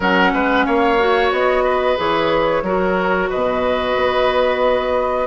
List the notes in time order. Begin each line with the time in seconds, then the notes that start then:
0.00 F#3 C#4 A#4 F#5
0.33 G#3 B4
0.65 A#3 C#5 F5
0.99 F#4
1.31 B3 D#5
1.64 B4
1.96 E3 G#4 C#5
2.62 F#3 F#4 A#4
3.29 B2 B4 D#5
3.95 B3